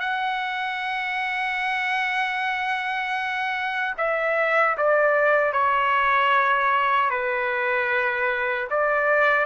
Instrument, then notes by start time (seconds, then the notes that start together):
trumpet
0.00 F#5
3.98 E5
4.78 D5
5.53 C#5
7.11 B4
8.71 D5